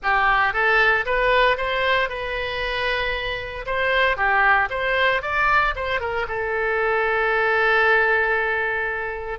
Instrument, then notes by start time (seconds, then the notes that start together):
oboe
0.02 G4
0.53 A4
1.05 B4
1.57 C5
2.09 B4
3.66 C5
4.16 G4
4.70 C5
5.22 D5
5.75 C5
6.00 A#4
6.28 A4